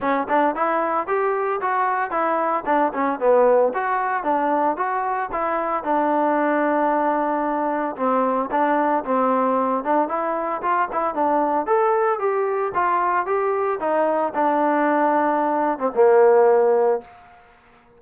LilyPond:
\new Staff \with { instrumentName = "trombone" } { \time 4/4 \tempo 4 = 113 cis'8 d'8 e'4 g'4 fis'4 | e'4 d'8 cis'8 b4 fis'4 | d'4 fis'4 e'4 d'4~ | d'2. c'4 |
d'4 c'4. d'8 e'4 | f'8 e'8 d'4 a'4 g'4 | f'4 g'4 dis'4 d'4~ | d'4.~ d'16 c'16 ais2 | }